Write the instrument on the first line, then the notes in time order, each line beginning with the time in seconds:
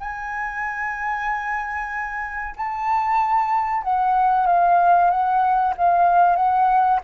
flute
0.00 G#5
2.57 A5
3.83 F#5
4.47 F5
5.11 F#5
5.77 F5
6.36 F#5